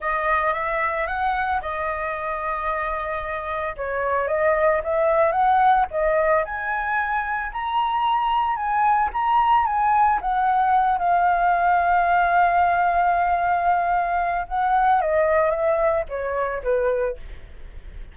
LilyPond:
\new Staff \with { instrumentName = "flute" } { \time 4/4 \tempo 4 = 112 dis''4 e''4 fis''4 dis''4~ | dis''2. cis''4 | dis''4 e''4 fis''4 dis''4 | gis''2 ais''2 |
gis''4 ais''4 gis''4 fis''4~ | fis''8 f''2.~ f''8~ | f''2. fis''4 | dis''4 e''4 cis''4 b'4 | }